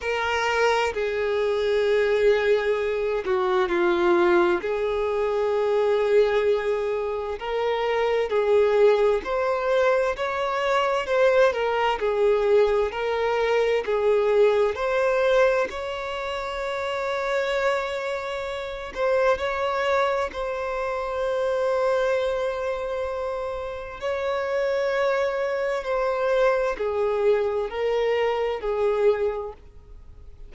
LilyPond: \new Staff \with { instrumentName = "violin" } { \time 4/4 \tempo 4 = 65 ais'4 gis'2~ gis'8 fis'8 | f'4 gis'2. | ais'4 gis'4 c''4 cis''4 | c''8 ais'8 gis'4 ais'4 gis'4 |
c''4 cis''2.~ | cis''8 c''8 cis''4 c''2~ | c''2 cis''2 | c''4 gis'4 ais'4 gis'4 | }